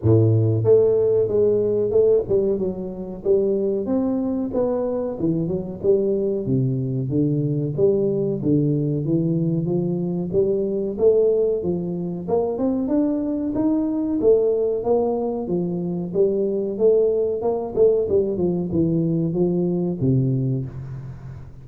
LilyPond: \new Staff \with { instrumentName = "tuba" } { \time 4/4 \tempo 4 = 93 a,4 a4 gis4 a8 g8 | fis4 g4 c'4 b4 | e8 fis8 g4 c4 d4 | g4 d4 e4 f4 |
g4 a4 f4 ais8 c'8 | d'4 dis'4 a4 ais4 | f4 g4 a4 ais8 a8 | g8 f8 e4 f4 c4 | }